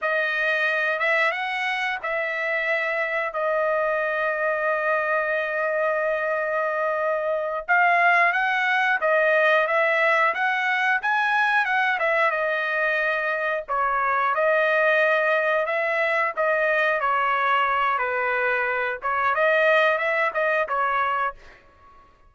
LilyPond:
\new Staff \with { instrumentName = "trumpet" } { \time 4/4 \tempo 4 = 90 dis''4. e''8 fis''4 e''4~ | e''4 dis''2.~ | dis''2.~ dis''8 f''8~ | f''8 fis''4 dis''4 e''4 fis''8~ |
fis''8 gis''4 fis''8 e''8 dis''4.~ | dis''8 cis''4 dis''2 e''8~ | e''8 dis''4 cis''4. b'4~ | b'8 cis''8 dis''4 e''8 dis''8 cis''4 | }